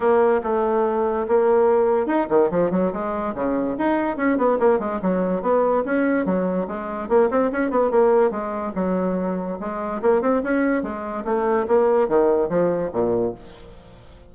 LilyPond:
\new Staff \with { instrumentName = "bassoon" } { \time 4/4 \tempo 4 = 144 ais4 a2 ais4~ | ais4 dis'8 dis8 f8 fis8 gis4 | cis4 dis'4 cis'8 b8 ais8 gis8 | fis4 b4 cis'4 fis4 |
gis4 ais8 c'8 cis'8 b8 ais4 | gis4 fis2 gis4 | ais8 c'8 cis'4 gis4 a4 | ais4 dis4 f4 ais,4 | }